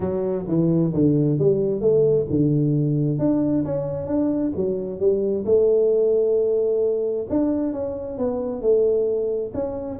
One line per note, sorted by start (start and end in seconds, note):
0.00 0.46 F#3
0.47 0.93 E3
0.93 1.39 D3
1.39 1.80 G3
1.80 2.26 A3
2.30 3.18 D3
3.18 3.64 D4
3.64 4.07 C#4
4.07 4.52 D4
4.56 4.99 F#3
4.99 5.44 G3
5.45 7.27 A3
7.29 7.72 D4
7.72 8.17 C#4
8.17 8.61 B3
8.61 9.52 A3
9.54 9.99 C#4